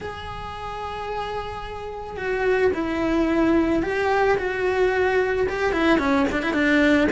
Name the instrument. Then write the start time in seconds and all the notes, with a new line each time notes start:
cello
0.00 G#4
2.17 F#4
2.74 E4
3.83 G4
4.38 F#4
5.48 G4
5.72 E4
5.99 C#4
6.31 D4
6.42 E4
6.53 D4